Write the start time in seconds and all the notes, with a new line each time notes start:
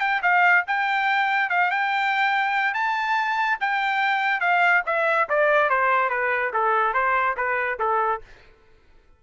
0.00 G5
0.23 F5
0.67 G5
1.50 F5
1.71 G5
2.74 A5
3.60 G5
4.40 F5
4.86 E5
5.29 D5
5.70 C5
6.10 B4
6.53 A4
6.94 C5
7.37 B4
7.79 A4